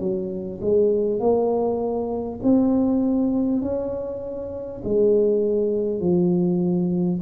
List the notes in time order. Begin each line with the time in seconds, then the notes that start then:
0.00 F#3
0.61 G#3
1.20 A#3
2.43 C4
3.62 C#4
4.84 G#3
6.01 F3